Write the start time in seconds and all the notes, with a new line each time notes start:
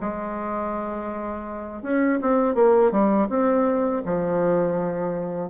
0.00 G#3
1.82 C#4
2.22 C4
2.55 A#3
2.91 G3
3.29 C4
4.05 F3